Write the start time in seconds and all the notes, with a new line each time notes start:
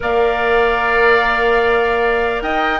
0.00 A#3 A#4 D5 F5
2.42 D#4 D#5 G5